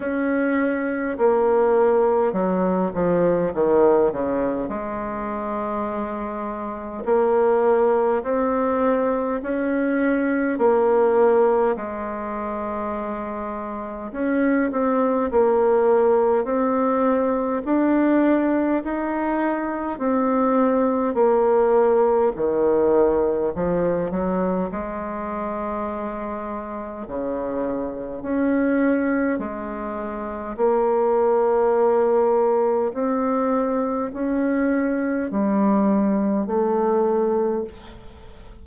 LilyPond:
\new Staff \with { instrumentName = "bassoon" } { \time 4/4 \tempo 4 = 51 cis'4 ais4 fis8 f8 dis8 cis8 | gis2 ais4 c'4 | cis'4 ais4 gis2 | cis'8 c'8 ais4 c'4 d'4 |
dis'4 c'4 ais4 dis4 | f8 fis8 gis2 cis4 | cis'4 gis4 ais2 | c'4 cis'4 g4 a4 | }